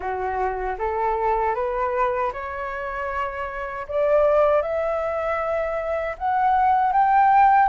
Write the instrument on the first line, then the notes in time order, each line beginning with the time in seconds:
flute
0.00 F#4
0.78 A4
1.55 B4
2.33 C#5
3.87 D5
4.62 E5
6.17 F#5
6.92 G5